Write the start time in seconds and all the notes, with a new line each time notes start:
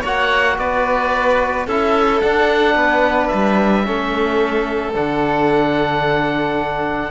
0.00 A#3 F#4 C#5 F#5
0.58 B3 B4 D5
1.66 C#4 E4 A4 E5
2.21 D4 F#5
2.75 B3 B4
3.27 G3 E5
3.84 A3 C#4 A4
4.94 D3 D4 F#5